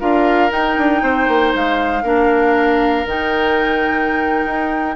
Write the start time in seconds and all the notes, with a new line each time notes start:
0.00 D4 F4 A#4 F5
0.50 D#4 G5
0.78 D4
1.03 C4 C5
1.28 A#3
1.55 G#3 F5
2.03 A#3 D4 A#4
3.06 D#3 D#4 G5
4.46 D#4